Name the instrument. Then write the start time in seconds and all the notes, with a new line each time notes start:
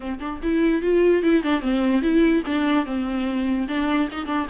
viola
0.00 C4
0.19 D4
0.42 E4
0.82 F4
1.22 E4
1.43 D4
1.61 C4
2.02 E4
2.46 D4
2.85 C4
3.68 D4
4.11 D#4
4.26 D4